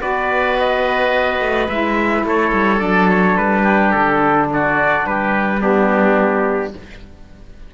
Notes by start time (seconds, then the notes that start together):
0.00 B3 F#4 B4 D5
0.59 D#5
1.40 A3
1.69 G#3 E4 E5
2.24 A3 A4 C#5
2.53 G3
2.77 F#3 D4 D5
3.09 C#5
3.37 G3 B4
3.63 G4
3.92 D3 A4
4.53 F#4 D5
5.06 G3 G4 B4
5.60 B3 D4 G4